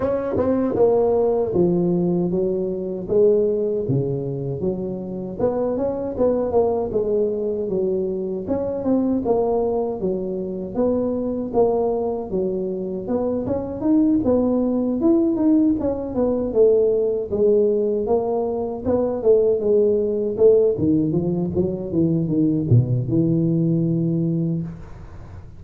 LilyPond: \new Staff \with { instrumentName = "tuba" } { \time 4/4 \tempo 4 = 78 cis'8 c'8 ais4 f4 fis4 | gis4 cis4 fis4 b8 cis'8 | b8 ais8 gis4 fis4 cis'8 c'8 | ais4 fis4 b4 ais4 |
fis4 b8 cis'8 dis'8 b4 e'8 | dis'8 cis'8 b8 a4 gis4 ais8~ | ais8 b8 a8 gis4 a8 dis8 f8 | fis8 e8 dis8 b,8 e2 | }